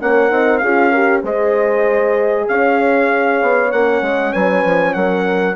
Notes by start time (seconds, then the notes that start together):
0.00 A#3 C#4 A#4 F#5
0.30 C4 D#4
0.58 C#4 F4 G#4 F5
0.91 G4 A#4
1.23 G#3 G#4 C5 D#5
2.48 C#4 C#5 F5
3.42 B3
3.71 A#3 C#4 F#5
4.02 G#3
4.33 F#3 B4 G#5
4.65 F3
4.94 F#3 A#4 F#5